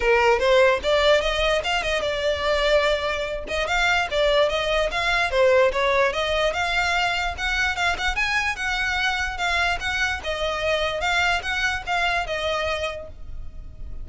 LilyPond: \new Staff \with { instrumentName = "violin" } { \time 4/4 \tempo 4 = 147 ais'4 c''4 d''4 dis''4 | f''8 dis''8 d''2.~ | d''8 dis''8 f''4 d''4 dis''4 | f''4 c''4 cis''4 dis''4 |
f''2 fis''4 f''8 fis''8 | gis''4 fis''2 f''4 | fis''4 dis''2 f''4 | fis''4 f''4 dis''2 | }